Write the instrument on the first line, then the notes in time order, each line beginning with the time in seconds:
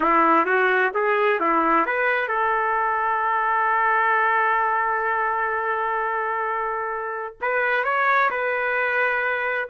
trumpet
0.00 E4
0.45 F#4
0.94 G#4
1.40 E4
1.86 B4
2.28 A4
7.41 B4
7.84 C#5
8.30 B4